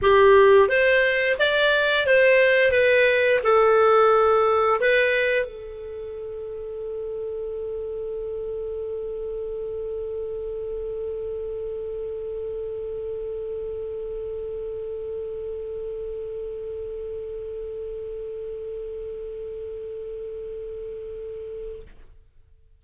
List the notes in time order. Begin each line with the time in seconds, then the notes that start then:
0.02 G4
0.68 C5
1.38 D5
2.06 C5
2.71 B4
3.43 A4
4.80 B4
5.45 A4